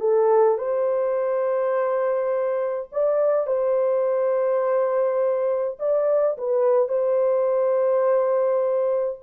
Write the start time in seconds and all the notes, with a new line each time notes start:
0.00 A4
0.58 C5
2.92 D5
3.47 C5
5.79 D5
6.37 B4
6.88 C5